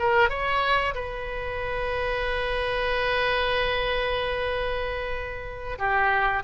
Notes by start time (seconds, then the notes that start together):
0.00 A#4
0.30 C#5
0.95 B4
5.79 G4